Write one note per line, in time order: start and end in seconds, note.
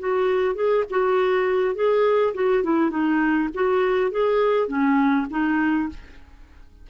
0.00 0.55 F#4
0.55 0.85 G#4
0.91 1.76 F#4
1.76 2.34 G#4
2.35 2.64 F#4
2.64 2.91 E4
2.91 3.49 D#4
3.55 4.12 F#4
4.12 4.68 G#4
4.68 5.27 C#4
5.31 5.90 D#4